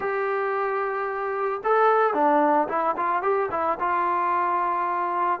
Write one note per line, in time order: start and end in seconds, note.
0.00 1.61 G4
1.64 2.14 A4
2.14 2.68 D4
2.68 2.95 E4
2.96 3.22 F4
3.22 3.49 G4
3.51 3.78 E4
3.79 5.40 F4